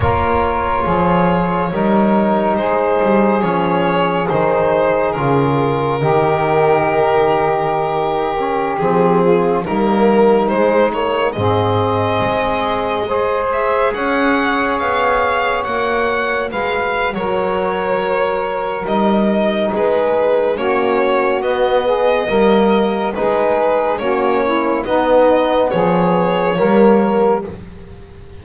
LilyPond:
<<
  \new Staff \with { instrumentName = "violin" } { \time 4/4 \tempo 4 = 70 cis''2. c''4 | cis''4 c''4 ais'2~ | ais'2~ ais'16 gis'4 ais'8.~ | ais'16 c''8 cis''8 dis''2~ dis''8 e''16~ |
e''16 fis''4 f''4 fis''4 f''8. | cis''2 dis''4 b'4 | cis''4 dis''2 b'4 | cis''4 dis''4 cis''2 | }
  \new Staff \with { instrumentName = "saxophone" } { \time 4/4 ais'4 gis'4 ais'4 gis'4~ | gis'2. g'4~ | g'2~ g'8. f'8 dis'8.~ | dis'4~ dis'16 gis'2 c''8.~ |
c''16 cis''2. b'8. | ais'2. gis'4 | fis'4. gis'8 ais'4 gis'4 | fis'8 e'8 dis'4 gis'4 ais'4 | }
  \new Staff \with { instrumentName = "trombone" } { \time 4/4 f'2 dis'2 | cis'4 dis'4 f'4 dis'4~ | dis'4.~ dis'16 cis'8 c'4 ais8.~ | ais16 gis8 ais8 c'2 gis'8.~ |
gis'2~ gis'16 fis'4.~ fis'16~ | fis'2 dis'2 | cis'4 b4 ais4 dis'4 | cis'4 b2 ais4 | }
  \new Staff \with { instrumentName = "double bass" } { \time 4/4 ais4 f4 g4 gis8 g8 | f4 dis4 cis4 dis4~ | dis2~ dis16 f4 g8.~ | g16 gis4 gis,4 gis4.~ gis16~ |
gis16 cis'4 b4 ais4 gis8. | fis2 g4 gis4 | ais4 b4 g4 gis4 | ais4 b4 f4 g4 | }
>>